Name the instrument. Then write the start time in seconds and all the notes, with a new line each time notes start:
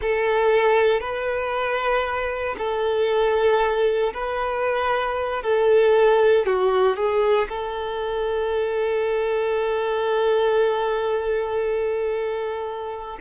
violin
0.01 A4
1.00 B4
2.58 A4
4.13 B4
5.42 A4
6.46 F#4
6.96 G#4
7.49 A4